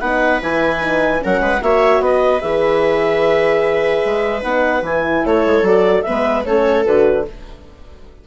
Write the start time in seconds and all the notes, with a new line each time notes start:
0.00 B3 D#4 B4 F#5
0.41 E3 E4 G#5
0.81 D#4
1.19 F#3 C#4 A#4 F#5
1.40 G#3 B4
1.61 A#3 F#4 C#5 E5
2.00 B3 B4 D#5
2.40 E3 G#4 E5
4.05 G#3
4.42 B3 D#4 F#5
4.82 E3 E4 G#5
5.26 A3 A4 C#5
5.46 G#3
5.62 F#3 F#4 D5
6.02 B3 B4 E5
6.09 G#3
6.44 A3 C#4 A4 C#5
6.84 D3 F#4 B4